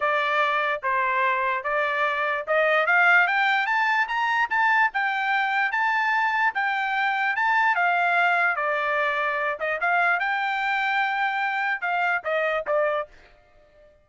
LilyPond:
\new Staff \with { instrumentName = "trumpet" } { \time 4/4 \tempo 4 = 147 d''2 c''2 | d''2 dis''4 f''4 | g''4 a''4 ais''4 a''4 | g''2 a''2 |
g''2 a''4 f''4~ | f''4 d''2~ d''8 dis''8 | f''4 g''2.~ | g''4 f''4 dis''4 d''4 | }